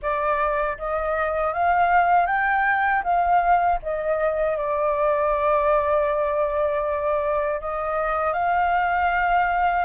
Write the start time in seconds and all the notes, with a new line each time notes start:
0.01 D5
0.78 D#5
1.53 F5
2.26 G5
3.03 F5
3.82 D#5
4.57 D5
7.60 D#5
8.33 F5